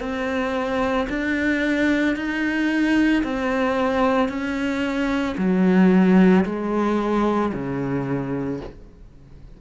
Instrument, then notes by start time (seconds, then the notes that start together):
cello
0.00 C4
1.09 D4
2.16 D#4
3.23 C4
4.29 C#4
5.38 F#3
6.45 G#3
7.53 C#3